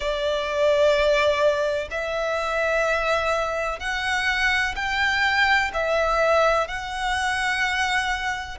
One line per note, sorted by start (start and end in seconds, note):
0.00 1.88 D5
1.90 3.79 E5
3.79 4.74 F#5
4.75 5.71 G5
5.73 6.67 E5
6.67 8.58 F#5